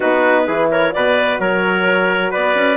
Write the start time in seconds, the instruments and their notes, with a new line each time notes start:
0.00 bassoon B3, horn D#4, trumpet F#4, clarinet B4
0.46 bassoon E3, horn E4, trumpet G#4
0.71 trumpet A#4, clarinet C#5
0.90 bassoon B2, horn F#4, trumpet B4, clarinet D5
1.39 bassoon F#3, trumpet A#4, clarinet C#5
2.31 bassoon B3, trumpet B4, clarinet D5
2.55 bassoon C#4